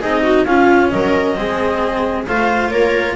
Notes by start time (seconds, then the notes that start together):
0.00 C4 D#4 G#4 D#5
0.22 F#4
0.45 C#4 F4 F5
0.89 F#3 A#4 D#5
1.35 G#3 C4 G#4
2.27 A3 F4 C5 F5
2.70 A#3 A#4 C#5